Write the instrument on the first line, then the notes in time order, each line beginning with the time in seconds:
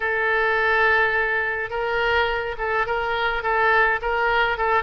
oboe
0.00 A4
1.70 A#4
2.57 A4
2.86 A#4
3.43 A4
4.01 A#4
4.57 A4